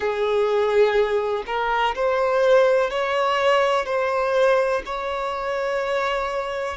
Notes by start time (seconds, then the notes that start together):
0.00 G#4
1.46 A#4
1.95 C5
2.90 C#5
3.85 C5
4.85 C#5